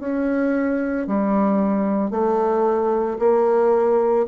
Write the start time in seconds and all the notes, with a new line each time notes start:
0.00 C#4
1.07 G3
2.11 A3
3.19 A#3